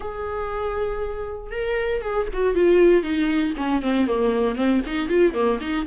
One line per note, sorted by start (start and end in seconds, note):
0.00 1.51 G#4
1.51 2.01 A#4
2.01 2.27 G#4
2.33 2.54 F#4
2.54 3.03 F4
3.03 3.53 D#4
3.57 3.82 C#4
3.82 4.07 C4
4.07 4.55 A#3
4.55 4.81 C4
4.86 5.08 D#4
5.08 5.33 F4
5.33 5.59 A#3
5.60 5.86 D#4